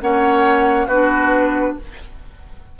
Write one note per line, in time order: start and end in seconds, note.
0.00 0.87 A#3
0.00 0.89 C#4
0.00 0.87 C#5
0.00 0.88 F#5
0.87 1.75 B3
0.87 1.79 D4
0.87 1.76 F#4
0.87 1.76 B4